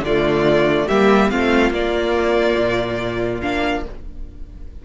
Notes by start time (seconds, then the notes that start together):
0.00 D3 F4 D5
0.07 A3
0.87 G3 A#3 G4 E5
1.30 A3 C4 F4 F5
1.71 A#3 D5
2.57 A#2
3.41 A#3 D4 F5